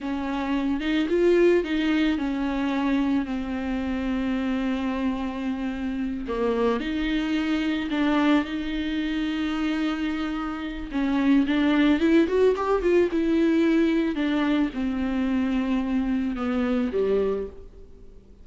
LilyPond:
\new Staff \with { instrumentName = "viola" } { \time 4/4 \tempo 4 = 110 cis'4. dis'8 f'4 dis'4 | cis'2 c'2~ | c'2.~ c'8 ais8~ | ais8 dis'2 d'4 dis'8~ |
dis'1 | cis'4 d'4 e'8 fis'8 g'8 f'8 | e'2 d'4 c'4~ | c'2 b4 g4 | }